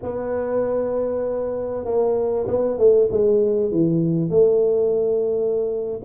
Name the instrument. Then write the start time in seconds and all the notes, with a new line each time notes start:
tuba
0.02 B3
1.84 A#3
2.47 B3
2.78 A3
3.11 G#3
3.71 E3
4.30 A3